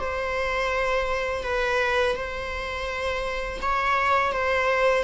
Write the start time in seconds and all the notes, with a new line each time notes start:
0.00 C5
1.44 B4
2.16 C5
3.62 C#5
4.33 C5